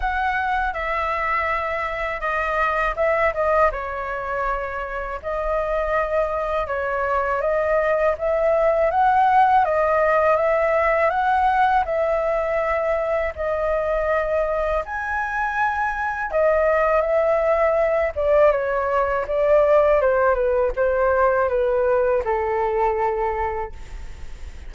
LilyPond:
\new Staff \with { instrumentName = "flute" } { \time 4/4 \tempo 4 = 81 fis''4 e''2 dis''4 | e''8 dis''8 cis''2 dis''4~ | dis''4 cis''4 dis''4 e''4 | fis''4 dis''4 e''4 fis''4 |
e''2 dis''2 | gis''2 dis''4 e''4~ | e''8 d''8 cis''4 d''4 c''8 b'8 | c''4 b'4 a'2 | }